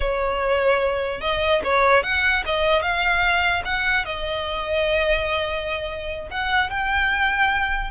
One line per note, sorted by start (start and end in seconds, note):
0.00 1.21 C#5
1.21 1.61 D#5
1.64 2.03 C#5
2.03 2.43 F#5
2.45 2.81 D#5
2.81 3.62 F5
3.64 4.05 F#5
4.05 6.28 D#5
6.30 6.69 F#5
6.69 7.91 G5